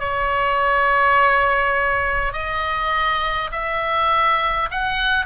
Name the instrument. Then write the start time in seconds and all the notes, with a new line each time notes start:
oboe
0.00 C#5
2.33 D#5
3.51 E5
4.71 F#5